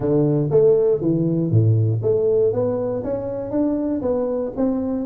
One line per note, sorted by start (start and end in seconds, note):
0.00 0.49 D3
0.50 1.01 A3
1.01 1.50 E3
1.50 2.01 A2
2.02 2.52 A3
2.53 3.03 B3
3.03 3.50 C#4
3.50 4.01 D4
4.01 4.52 B3
4.56 5.06 C4